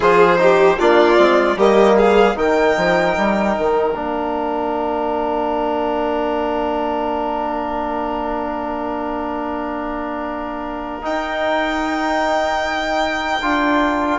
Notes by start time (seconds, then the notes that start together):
0.00 F3 F4 G#4 C5
0.37 D#4 G4
0.78 A#3 D4 F4 D5
1.16 G#3 C4
1.56 G3 A#3 G4 D#5
1.96 G#4 F5
2.35 D#3 D#4 A#4 G5
2.76 F3
3.16 G3
3.57 D#3
3.93 A#3 D4 F5
11.02 D#4 G5
13.42 D4 F4